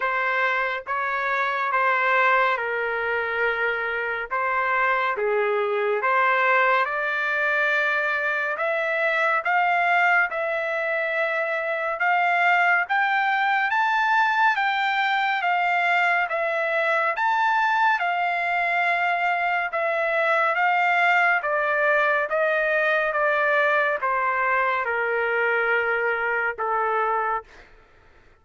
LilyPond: \new Staff \with { instrumentName = "trumpet" } { \time 4/4 \tempo 4 = 70 c''4 cis''4 c''4 ais'4~ | ais'4 c''4 gis'4 c''4 | d''2 e''4 f''4 | e''2 f''4 g''4 |
a''4 g''4 f''4 e''4 | a''4 f''2 e''4 | f''4 d''4 dis''4 d''4 | c''4 ais'2 a'4 | }